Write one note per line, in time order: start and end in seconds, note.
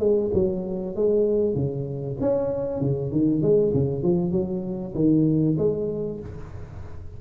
0.00 0.31 G#3
0.34 0.96 F#3
0.96 1.55 G#3
1.55 2.17 C#3
2.21 2.81 C#4
2.81 3.12 C#3
3.12 3.42 D#3
3.42 3.73 G#3
3.74 4.03 C#3
4.03 4.32 F3
4.32 4.94 F#3
4.95 5.57 D#3
5.59 6.21 G#3